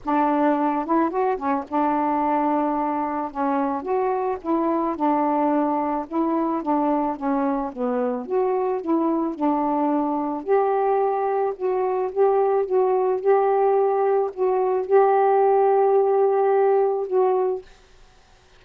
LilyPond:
\new Staff \with { instrumentName = "saxophone" } { \time 4/4 \tempo 4 = 109 d'4. e'8 fis'8 cis'8 d'4~ | d'2 cis'4 fis'4 | e'4 d'2 e'4 | d'4 cis'4 b4 fis'4 |
e'4 d'2 g'4~ | g'4 fis'4 g'4 fis'4 | g'2 fis'4 g'4~ | g'2. fis'4 | }